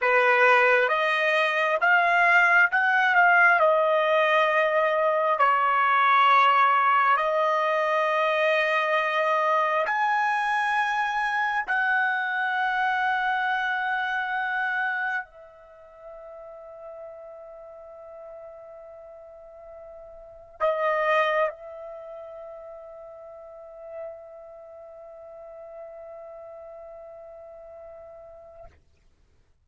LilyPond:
\new Staff \with { instrumentName = "trumpet" } { \time 4/4 \tempo 4 = 67 b'4 dis''4 f''4 fis''8 f''8 | dis''2 cis''2 | dis''2. gis''4~ | gis''4 fis''2.~ |
fis''4 e''2.~ | e''2. dis''4 | e''1~ | e''1 | }